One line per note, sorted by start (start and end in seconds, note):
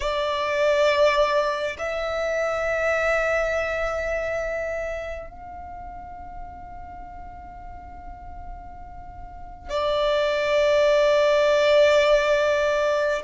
0.00 1.76 D5
1.78 5.29 E5
5.29 9.69 F5
9.69 13.22 D5